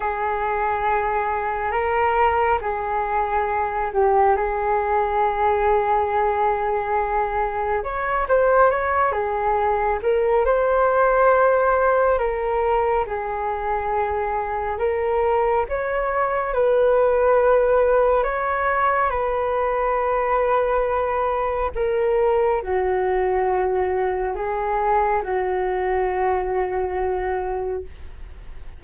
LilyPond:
\new Staff \with { instrumentName = "flute" } { \time 4/4 \tempo 4 = 69 gis'2 ais'4 gis'4~ | gis'8 g'8 gis'2.~ | gis'4 cis''8 c''8 cis''8 gis'4 ais'8 | c''2 ais'4 gis'4~ |
gis'4 ais'4 cis''4 b'4~ | b'4 cis''4 b'2~ | b'4 ais'4 fis'2 | gis'4 fis'2. | }